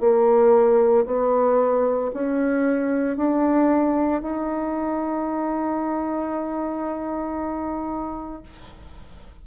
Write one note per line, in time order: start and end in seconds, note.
0.00 1.05 A#3
1.06 2.11 B3
2.13 3.17 C#4
3.17 4.22 D4
4.22 8.43 D#4